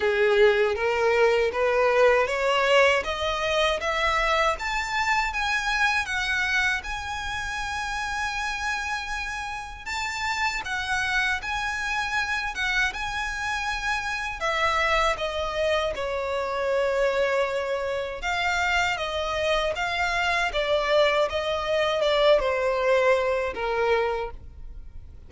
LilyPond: \new Staff \with { instrumentName = "violin" } { \time 4/4 \tempo 4 = 79 gis'4 ais'4 b'4 cis''4 | dis''4 e''4 a''4 gis''4 | fis''4 gis''2.~ | gis''4 a''4 fis''4 gis''4~ |
gis''8 fis''8 gis''2 e''4 | dis''4 cis''2. | f''4 dis''4 f''4 d''4 | dis''4 d''8 c''4. ais'4 | }